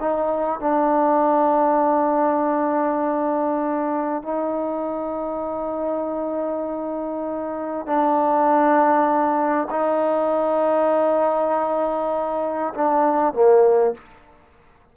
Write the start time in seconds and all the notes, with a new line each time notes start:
0.00 D#4
0.60 D4
4.23 D#4
7.87 D4
9.71 D#4
12.74 D4
13.34 A#3